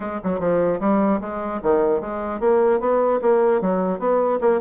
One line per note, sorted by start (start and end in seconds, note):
0.00 0.20 G#3
0.23 0.39 F#3
0.39 0.79 F3
0.80 1.20 G3
1.20 1.60 G#3
1.62 2.00 D#3
2.00 2.39 G#3
2.39 2.79 A#3
2.79 3.19 B3
3.21 3.61 A#3
3.61 3.99 F#3
3.99 4.39 B3
4.40 4.60 A#3